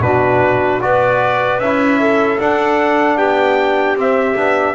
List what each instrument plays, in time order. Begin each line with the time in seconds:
0.00 double bass B2, trombone D4, clarinet F#4, trumpet B4
0.81 double bass B3, trombone F#4, clarinet B4, trumpet D5
1.59 double bass C#4, trombone E4, trumpet E5
2.00 clarinet A4
2.39 trombone D4, double bass D4, trumpet F#5
3.17 double bass B3, clarinet G4, trumpet G5
3.95 double bass C4, trombone C4, trumpet E5
4.36 double bass B3, trombone D4